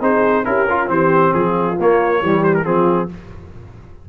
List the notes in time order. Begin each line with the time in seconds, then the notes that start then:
0.00 C4 D#4 G#4 C5
0.44 C#4 E4 G4 A#4
0.69 F4
0.86 E3 C4 G4 C5
1.33 F3 F4 G#4
1.79 A#3 C#5
2.20 E3 G3 G4
2.43 C5
2.53 A#4
2.64 F3 C4 F4 G#4